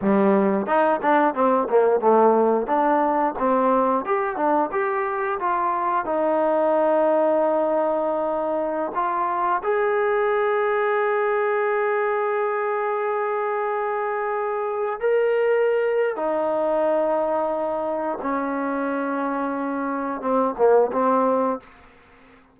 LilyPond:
\new Staff \with { instrumentName = "trombone" } { \time 4/4 \tempo 4 = 89 g4 dis'8 d'8 c'8 ais8 a4 | d'4 c'4 g'8 d'8 g'4 | f'4 dis'2.~ | dis'4~ dis'16 f'4 gis'4.~ gis'16~ |
gis'1~ | gis'2~ gis'16 ais'4.~ ais'16 | dis'2. cis'4~ | cis'2 c'8 ais8 c'4 | }